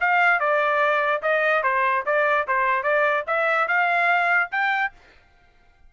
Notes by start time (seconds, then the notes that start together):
0.00 F5
0.39 D5
1.22 D#5
1.63 C5
2.05 D5
2.47 C5
2.83 D5
3.27 E5
3.67 F5
4.51 G5